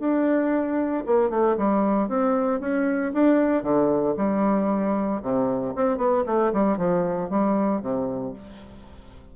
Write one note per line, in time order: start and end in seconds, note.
0.00 1.04 D4
1.06 1.30 A#3
1.30 1.57 A3
1.58 2.09 G3
2.09 2.61 C4
2.61 3.13 C#4
3.14 3.64 D4
3.64 4.16 D3
4.18 5.22 G3
5.23 5.75 C3
5.76 5.98 C4
5.98 6.24 B3
6.27 6.53 A3
6.53 6.78 G3
6.78 7.30 F3
7.30 7.82 G3
7.82 8.34 C3